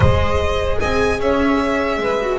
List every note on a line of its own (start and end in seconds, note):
0.00 0.79 G#3
0.00 2.20 G#4
0.00 0.78 C5
0.00 0.79 D#5
0.79 1.19 C4
0.79 1.19 D#5
0.79 1.20 G#5
1.19 1.97 C#4
1.19 2.01 C#5
1.19 2.38 E5
1.97 2.37 G#3
1.97 2.38 B4
2.20 2.38 F#4